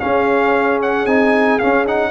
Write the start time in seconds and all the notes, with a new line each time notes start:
0.00 C#4 G#4 F5
0.82 F#5
1.06 C4 D#4 G#5
1.59 C#4 F5
1.86 D#4 F#5